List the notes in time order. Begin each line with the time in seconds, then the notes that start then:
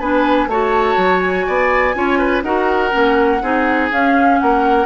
0.00 B3 D4 B4 G#5
0.47 A3 F#4 C#5 A5
0.97 F#3
1.21 G#5
1.47 B3 D5
1.95 C#4 F4 C#5
2.19 B4
2.43 D#4 F#4 A#4 F#5
2.91 A#3 C#4
3.42 C4 D#4 G#4
3.91 C#4 F5
4.39 A#3 A#4 F#5